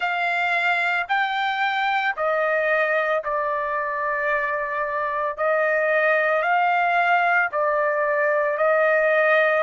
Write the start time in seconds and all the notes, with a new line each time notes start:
0.00 F5
1.08 G5
2.16 D#5
3.24 D5
5.37 D#5
6.42 F5
7.51 D5
8.57 D#5